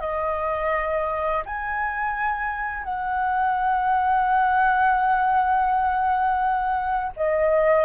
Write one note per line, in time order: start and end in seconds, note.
0.00 1.43 D#5
1.45 2.83 G#5
2.83 7.12 F#5
7.16 7.85 D#5